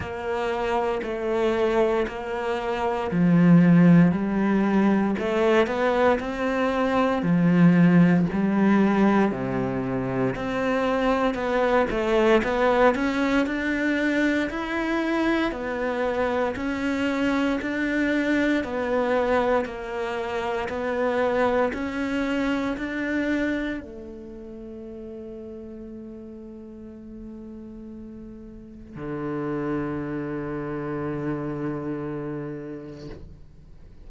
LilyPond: \new Staff \with { instrumentName = "cello" } { \time 4/4 \tempo 4 = 58 ais4 a4 ais4 f4 | g4 a8 b8 c'4 f4 | g4 c4 c'4 b8 a8 | b8 cis'8 d'4 e'4 b4 |
cis'4 d'4 b4 ais4 | b4 cis'4 d'4 a4~ | a1 | d1 | }